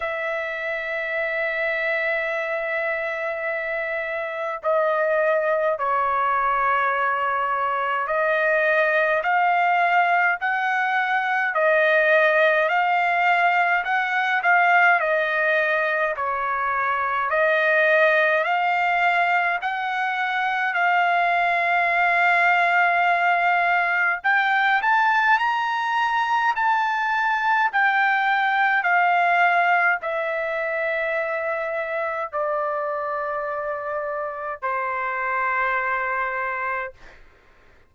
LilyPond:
\new Staff \with { instrumentName = "trumpet" } { \time 4/4 \tempo 4 = 52 e''1 | dis''4 cis''2 dis''4 | f''4 fis''4 dis''4 f''4 | fis''8 f''8 dis''4 cis''4 dis''4 |
f''4 fis''4 f''2~ | f''4 g''8 a''8 ais''4 a''4 | g''4 f''4 e''2 | d''2 c''2 | }